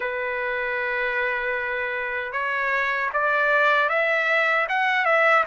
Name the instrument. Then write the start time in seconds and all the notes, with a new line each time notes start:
trumpet
0.00 B4
2.32 C#5
3.13 D5
3.89 E5
4.69 F#5
5.05 E5